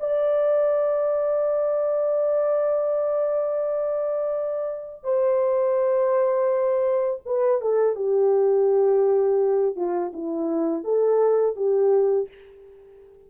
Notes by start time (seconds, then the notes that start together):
0.00 D5
5.04 C5
7.26 B4
7.61 A4
7.96 G4
9.76 F4
10.13 E4
10.84 A4
11.56 G4